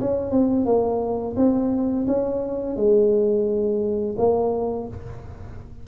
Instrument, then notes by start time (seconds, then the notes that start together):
tuba
0.00 C#4
0.31 C4
0.65 A#3
1.36 C4
2.07 C#4
2.76 G#3
4.18 A#3